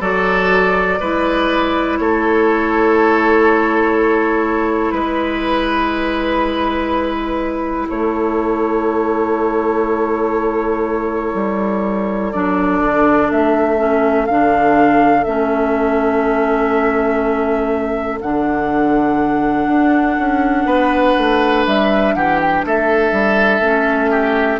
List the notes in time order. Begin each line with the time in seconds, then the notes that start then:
0.00 F#3 F#4 A4 D5
1.00 G#3 E4 B4
1.98 A3 A4 C#5
4.91 G#3 B4
7.89 A3 A4 C#5
11.34 G3
12.32 F#3 D4 D5
12.81 D3
13.31 A3 E5
13.77 C#4
14.25 D3 D4 F5
15.23 A3 C#4 E5
18.21 D3 D4 F#5
19.67 D4
20.18 C#4
20.65 B3 B4
21.18 A3
21.66 G3 E5
22.14 E3 G4 F#5
22.40 G5
22.65 A3 A4 E5
23.11 G3
23.60 A3 C#4
24.10 G4